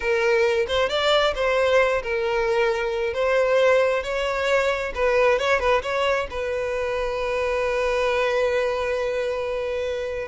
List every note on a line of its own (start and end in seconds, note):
0.00 0.66 A#4
0.67 0.89 C5
0.89 1.34 D5
1.35 2.02 C5
2.03 3.13 A#4
3.13 4.03 C5
4.03 4.93 C#5
4.94 5.39 B4
5.39 5.59 C#5
5.59 5.82 B4
5.82 6.27 C#5
6.30 10.28 B4